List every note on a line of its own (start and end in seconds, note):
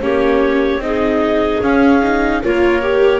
0.00 0.77 A#3
0.00 0.80 C#4
0.00 0.82 G4
0.00 0.82 C#5
0.77 1.57 C4
0.77 1.61 D#4
0.77 1.62 D#5
0.85 2.43 G#4
1.61 2.01 C#4
1.61 2.42 C#4
1.61 2.42 F5
2.02 2.42 D#4
2.43 3.20 A#3
2.43 2.82 F4
2.43 3.20 A#4
2.43 3.20 C#5
2.82 3.20 G4